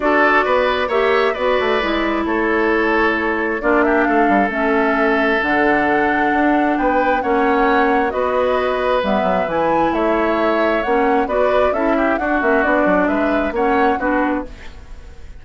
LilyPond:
<<
  \new Staff \with { instrumentName = "flute" } { \time 4/4 \tempo 4 = 133 d''2 e''4 d''4~ | d''4 cis''2. | d''8 e''8 f''4 e''2 | fis''2. g''4 |
fis''2 dis''2 | e''4 gis''4 e''2 | fis''4 d''4 e''4 fis''8 e''8 | d''4 e''4 fis''4 b'4 | }
  \new Staff \with { instrumentName = "oboe" } { \time 4/4 a'4 b'4 cis''4 b'4~ | b'4 a'2. | f'8 g'8 a'2.~ | a'2. b'4 |
cis''2 b'2~ | b'2 cis''2~ | cis''4 b'4 a'8 g'8 fis'4~ | fis'4 b'4 cis''4 fis'4 | }
  \new Staff \with { instrumentName = "clarinet" } { \time 4/4 fis'2 g'4 fis'4 | e'1 | d'2 cis'2 | d'1 |
cis'2 fis'2 | b4 e'2. | cis'4 fis'4 e'4 d'8 cis'8 | d'2 cis'4 d'4 | }
  \new Staff \with { instrumentName = "bassoon" } { \time 4/4 d'4 b4 ais4 b8 a8 | gis4 a2. | ais4 a8 g8 a2 | d2 d'4 b4 |
ais2 b2 | g8 fis8 e4 a2 | ais4 b4 cis'4 d'8 ais8 | b8 fis8 gis4 ais4 b4 | }
>>